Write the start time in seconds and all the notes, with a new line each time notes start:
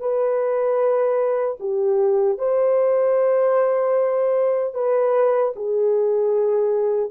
0.00 B4
1.60 G4
2.38 C5
4.75 B4
5.56 G#4